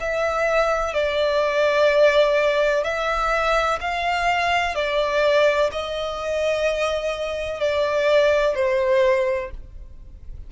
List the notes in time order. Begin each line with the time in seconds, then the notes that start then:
0.00 E5
0.94 D5
2.84 E5
3.81 F5
4.75 D5
5.72 D#5
7.61 D5
8.55 C5